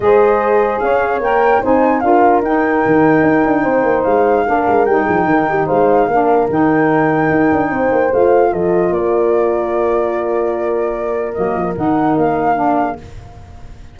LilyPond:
<<
  \new Staff \with { instrumentName = "flute" } { \time 4/4 \tempo 4 = 148 dis''2 f''4 g''4 | gis''4 f''4 g''2~ | g''2 f''2 | g''2 f''2 |
g''1 | f''4 dis''4 d''2~ | d''1 | dis''4 fis''4 f''2 | }
  \new Staff \with { instrumentName = "horn" } { \time 4/4 c''2 cis''2 | c''4 ais'2.~ | ais'4 c''2 ais'4~ | ais'8 gis'8 ais'8 g'8 c''4 ais'4~ |
ais'2. c''4~ | c''4 a'4 ais'2~ | ais'1~ | ais'2.~ ais'8 gis'8 | }
  \new Staff \with { instrumentName = "saxophone" } { \time 4/4 gis'2. ais'4 | dis'4 f'4 dis'2~ | dis'2. d'4 | dis'2. d'4 |
dis'1 | f'1~ | f'1 | ais4 dis'2 d'4 | }
  \new Staff \with { instrumentName = "tuba" } { \time 4/4 gis2 cis'4 ais4 | c'4 d'4 dis'4 dis4 | dis'8 d'8 c'8 ais8 gis4 ais8 gis8 | g8 f8 dis4 gis4 ais4 |
dis2 dis'8 d'8 c'8 ais8 | a4 f4 ais2~ | ais1 | fis8 f8 dis4 ais2 | }
>>